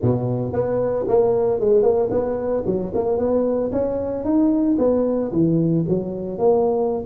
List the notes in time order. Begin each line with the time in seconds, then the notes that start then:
0.02 B2
0.52 B3
1.08 A#3
1.60 G#3
1.82 A#3
2.10 B3
2.66 F#3
2.94 A#3
3.18 B3
3.71 C#4
4.24 D#4
4.78 B3
5.32 E3
5.88 F#3
6.38 A#3